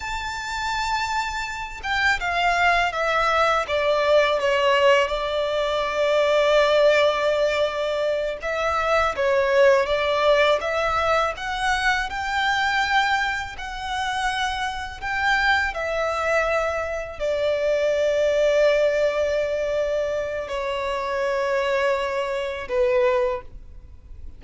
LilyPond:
\new Staff \with { instrumentName = "violin" } { \time 4/4 \tempo 4 = 82 a''2~ a''8 g''8 f''4 | e''4 d''4 cis''4 d''4~ | d''2.~ d''8 e''8~ | e''8 cis''4 d''4 e''4 fis''8~ |
fis''8 g''2 fis''4.~ | fis''8 g''4 e''2 d''8~ | d''1 | cis''2. b'4 | }